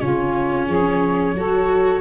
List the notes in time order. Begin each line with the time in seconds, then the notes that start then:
0.00 C#3 C#4 F4 C#5
0.67 F3 G#4
1.34 F#3 F#4 A4